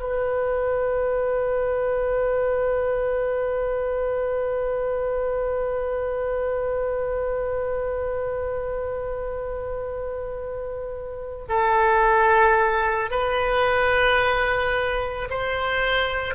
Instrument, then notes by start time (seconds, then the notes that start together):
oboe
0.00 B4
11.49 A4
13.11 B4
15.30 C5